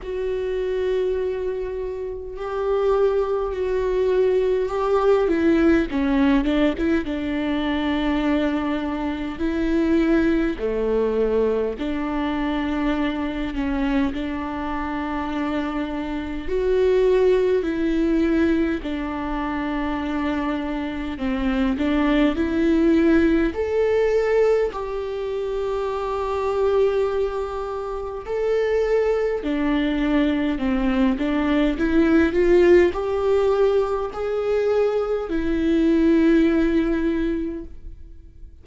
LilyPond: \new Staff \with { instrumentName = "viola" } { \time 4/4 \tempo 4 = 51 fis'2 g'4 fis'4 | g'8 e'8 cis'8 d'16 e'16 d'2 | e'4 a4 d'4. cis'8 | d'2 fis'4 e'4 |
d'2 c'8 d'8 e'4 | a'4 g'2. | a'4 d'4 c'8 d'8 e'8 f'8 | g'4 gis'4 e'2 | }